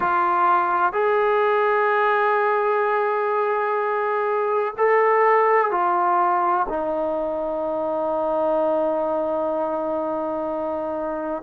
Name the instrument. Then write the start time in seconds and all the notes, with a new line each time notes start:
trombone
0.00 F4
0.93 G#4
4.77 A4
5.71 F4
6.68 D#4